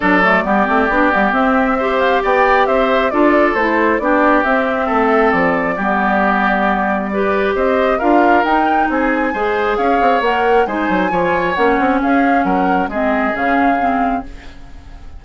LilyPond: <<
  \new Staff \with { instrumentName = "flute" } { \time 4/4 \tempo 4 = 135 d''2. e''4~ | e''8 f''8 g''4 e''4 d''4 | c''4 d''4 e''2 | d''1~ |
d''4 dis''4 f''4 g''4 | gis''2 f''4 fis''4 | gis''2 fis''4 f''4 | fis''4 dis''4 f''2 | }
  \new Staff \with { instrumentName = "oboe" } { \time 4/4 a'4 g'2. | c''4 d''4 c''4 a'4~ | a'4 g'2 a'4~ | a'4 g'2. |
b'4 c''4 ais'2 | gis'4 c''4 cis''2 | c''4 cis''2 gis'4 | ais'4 gis'2. | }
  \new Staff \with { instrumentName = "clarinet" } { \time 4/4 d'8 a8 b8 c'8 d'8 b8 c'4 | g'2. f'4 | e'4 d'4 c'2~ | c'4 b2. |
g'2 f'4 dis'4~ | dis'4 gis'2 ais'4 | dis'4 f'4 cis'2~ | cis'4 c'4 cis'4 c'4 | }
  \new Staff \with { instrumentName = "bassoon" } { \time 4/4 fis4 g8 a8 b8 g8 c'4~ | c'4 b4 c'4 d'4 | a4 b4 c'4 a4 | f4 g2.~ |
g4 c'4 d'4 dis'4 | c'4 gis4 cis'8 c'8 ais4 | gis8 fis8 f4 ais8 c'8 cis'4 | fis4 gis4 cis2 | }
>>